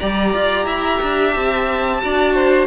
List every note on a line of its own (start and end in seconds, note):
0.00 0.34 G3
0.00 2.03 G4
0.00 0.66 D5
0.00 1.31 A#5
0.34 0.66 F4
0.66 1.00 E4
0.66 2.01 E5
1.02 1.36 D4
1.31 2.04 C4
1.31 2.66 A5
2.03 2.67 D4
2.03 2.67 F#4
2.03 2.35 D5
2.35 2.67 C5